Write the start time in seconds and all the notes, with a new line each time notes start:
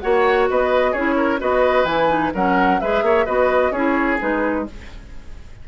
0.00 A#3 F#4 C#5 F#5
0.50 B3 B4 D#5
0.92 C#4 E4 G#4 C#5
1.16 A#4
1.39 B3 F#4 B4 D#5
1.84 E3 E4 G#5
2.08 D#4
2.34 F#3 C#4 A#4 F#5
2.80 G#3 G#4 B4 E5
3.02 A#3 C#5
3.26 B3 F#4 B4 D#5
3.71 C#4 E4 G#4 C#5
4.19 G#3 D#4 B4